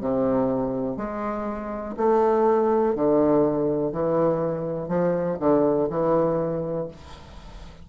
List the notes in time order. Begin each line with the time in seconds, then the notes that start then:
0.00 C3
0.97 G#3
1.96 A3
2.95 D3
3.92 E3
4.88 F3
5.40 D3
5.89 E3